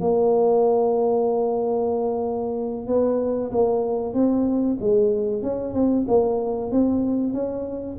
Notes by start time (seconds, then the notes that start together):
0.00 A#3
2.87 B3
3.51 A#3
4.13 C4
4.80 G#3
5.42 C#4
5.73 C4
6.07 A#3
6.71 C4
7.33 C#4